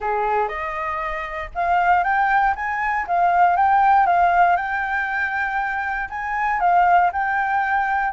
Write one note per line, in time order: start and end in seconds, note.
0.00 0.48 G#4
0.48 1.50 D#5
1.55 2.03 F5
2.03 2.54 G5
2.55 3.06 G#5
3.07 3.56 F5
3.56 4.06 G5
4.06 4.56 F5
4.56 6.08 G5
6.09 6.60 G#5
6.60 7.10 F5
7.12 8.12 G5